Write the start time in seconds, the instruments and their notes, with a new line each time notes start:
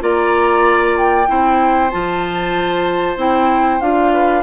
0.00 bassoon A#3, clarinet F4, oboe D5, flute A#5
0.97 flute G5
1.27 bassoon C4, clarinet E4, oboe C5
1.91 bassoon F3, clarinet F4, flute A5
3.17 bassoon C4, clarinet E4, flute G5
3.81 bassoon D4, clarinet F4, flute F5
4.13 oboe B4